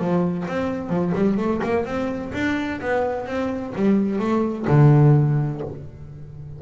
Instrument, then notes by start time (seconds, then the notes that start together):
double bass
0.00 F3
0.48 C4
0.89 F3
1.15 G3
1.38 A3
1.64 A#3
1.86 C4
2.34 D4
2.81 B3
3.27 C4
3.76 G3
4.20 A3
4.68 D3